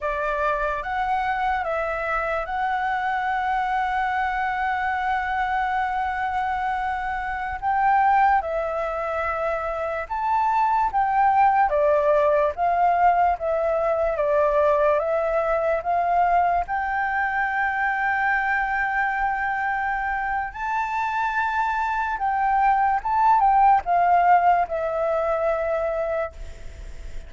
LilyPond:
\new Staff \with { instrumentName = "flute" } { \time 4/4 \tempo 4 = 73 d''4 fis''4 e''4 fis''4~ | fis''1~ | fis''4~ fis''16 g''4 e''4.~ e''16~ | e''16 a''4 g''4 d''4 f''8.~ |
f''16 e''4 d''4 e''4 f''8.~ | f''16 g''2.~ g''8.~ | g''4 a''2 g''4 | a''8 g''8 f''4 e''2 | }